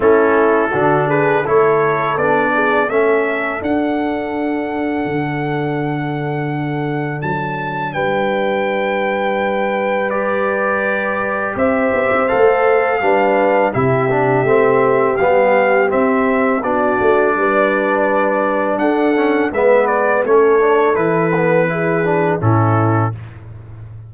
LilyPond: <<
  \new Staff \with { instrumentName = "trumpet" } { \time 4/4 \tempo 4 = 83 a'4. b'8 cis''4 d''4 | e''4 fis''2.~ | fis''2 a''4 g''4~ | g''2 d''2 |
e''4 f''2 e''4~ | e''4 f''4 e''4 d''4~ | d''2 fis''4 e''8 d''8 | cis''4 b'2 a'4 | }
  \new Staff \with { instrumentName = "horn" } { \time 4/4 e'4 fis'8 gis'8 a'4. gis'8 | a'1~ | a'2. b'4~ | b'1 |
c''2 b'4 g'4~ | g'2. fis'4 | b'2 a'4 b'4 | a'2 gis'4 e'4 | }
  \new Staff \with { instrumentName = "trombone" } { \time 4/4 cis'4 d'4 e'4 d'4 | cis'4 d'2.~ | d'1~ | d'2 g'2~ |
g'4 a'4 d'4 e'8 d'8 | c'4 b4 c'4 d'4~ | d'2~ d'8 cis'8 b4 | cis'8 d'8 e'8 b8 e'8 d'8 cis'4 | }
  \new Staff \with { instrumentName = "tuba" } { \time 4/4 a4 d4 a4 b4 | a4 d'2 d4~ | d2 fis4 g4~ | g1 |
c'8 b16 c'16 a4 g4 c4 | a4 g4 c'4 b8 a8 | g2 d'4 gis4 | a4 e2 a,4 | }
>>